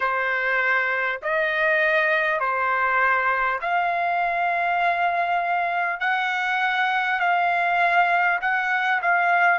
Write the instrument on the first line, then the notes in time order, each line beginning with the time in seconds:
trumpet
0.00 C5
1.22 D#5
2.40 C5
3.61 F5
5.99 F#5
7.19 F5
8.41 F#5
9.02 F5